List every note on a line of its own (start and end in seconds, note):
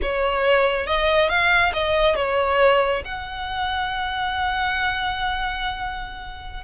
0.02 0.86 C#5
0.86 1.29 D#5
1.29 1.72 F5
1.73 2.15 D#5
2.15 3.02 C#5
3.04 6.63 F#5